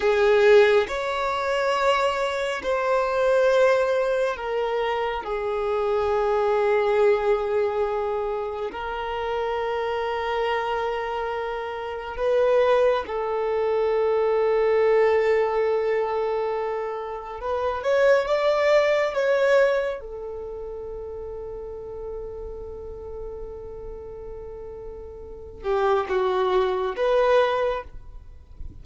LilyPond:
\new Staff \with { instrumentName = "violin" } { \time 4/4 \tempo 4 = 69 gis'4 cis''2 c''4~ | c''4 ais'4 gis'2~ | gis'2 ais'2~ | ais'2 b'4 a'4~ |
a'1 | b'8 cis''8 d''4 cis''4 a'4~ | a'1~ | a'4. g'8 fis'4 b'4 | }